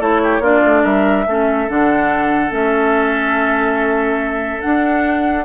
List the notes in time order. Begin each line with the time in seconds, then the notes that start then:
0.00 A3 E4 A4 C#5
0.23 G4
0.40 A#3 D4 F4 D5
0.65 A3
0.83 G3 A#4 E5
1.26 A3 C#4 A4
1.68 D3 D4 F#5
2.50 A3 C#4 E5
4.61 D4 F#5